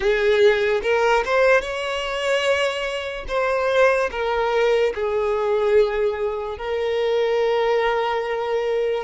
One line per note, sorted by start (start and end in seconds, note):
0.00 0.81 G#4
0.82 1.23 A#4
1.25 1.61 C5
1.61 3.25 C#5
3.28 4.10 C5
4.11 4.93 A#4
4.94 6.58 G#4
6.58 9.03 A#4